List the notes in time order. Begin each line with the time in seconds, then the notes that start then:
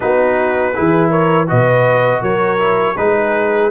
0.00 B3 D#4 F#4 B4
0.74 E3 E4 G#4
1.09 A#4 C#5
1.47 B2 F#4 B4 D#5
2.20 F#3 A#4 C#5
2.58 E4
2.96 G#3 D#4 G#4 B4